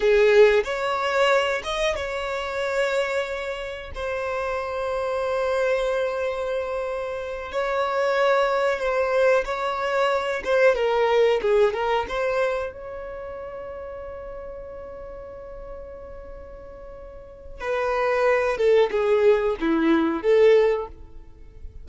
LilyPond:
\new Staff \with { instrumentName = "violin" } { \time 4/4 \tempo 4 = 92 gis'4 cis''4. dis''8 cis''4~ | cis''2 c''2~ | c''2.~ c''8 cis''8~ | cis''4. c''4 cis''4. |
c''8 ais'4 gis'8 ais'8 c''4 cis''8~ | cis''1~ | cis''2. b'4~ | b'8 a'8 gis'4 e'4 a'4 | }